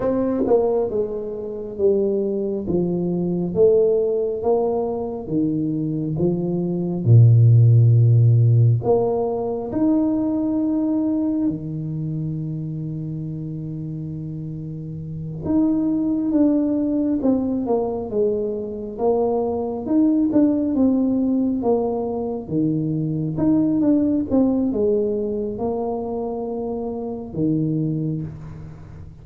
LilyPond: \new Staff \with { instrumentName = "tuba" } { \time 4/4 \tempo 4 = 68 c'8 ais8 gis4 g4 f4 | a4 ais4 dis4 f4 | ais,2 ais4 dis'4~ | dis'4 dis2.~ |
dis4. dis'4 d'4 c'8 | ais8 gis4 ais4 dis'8 d'8 c'8~ | c'8 ais4 dis4 dis'8 d'8 c'8 | gis4 ais2 dis4 | }